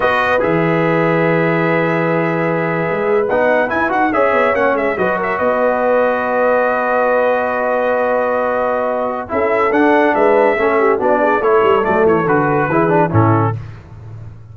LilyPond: <<
  \new Staff \with { instrumentName = "trumpet" } { \time 4/4 \tempo 4 = 142 dis''4 e''2.~ | e''2.~ e''8. fis''16~ | fis''8. gis''8 fis''8 e''4 fis''8 e''8 dis''16~ | dis''16 e''8 dis''2.~ dis''16~ |
dis''1~ | dis''2 e''4 fis''4 | e''2 d''4 cis''4 | d''8 cis''8 b'2 a'4 | }
  \new Staff \with { instrumentName = "horn" } { \time 4/4 b'1~ | b'1~ | b'4.~ b'16 cis''2 b'16~ | b'16 ais'8 b'2.~ b'16~ |
b'1~ | b'2 a'2 | b'4 a'8 g'8 fis'8 gis'8 a'4~ | a'2 gis'4 e'4 | }
  \new Staff \with { instrumentName = "trombone" } { \time 4/4 fis'4 gis'2.~ | gis'2.~ gis'8. dis'16~ | dis'8. e'8 fis'8 gis'4 cis'4 fis'16~ | fis'1~ |
fis'1~ | fis'2 e'4 d'4~ | d'4 cis'4 d'4 e'4 | a4 fis'4 e'8 d'8 cis'4 | }
  \new Staff \with { instrumentName = "tuba" } { \time 4/4 b4 e2.~ | e2~ e8. gis4 b16~ | b8. e'8 dis'8 cis'8 b8 ais8 gis8 fis16~ | fis8. b2.~ b16~ |
b1~ | b2 cis'4 d'4 | gis4 a4 b4 a8 g8 | fis8 e8 d4 e4 a,4 | }
>>